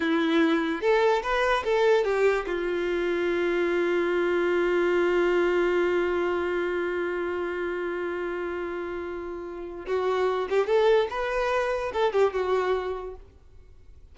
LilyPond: \new Staff \with { instrumentName = "violin" } { \time 4/4 \tempo 4 = 146 e'2 a'4 b'4 | a'4 g'4 f'2~ | f'1~ | f'1~ |
f'1~ | f'1 | fis'4. g'8 a'4 b'4~ | b'4 a'8 g'8 fis'2 | }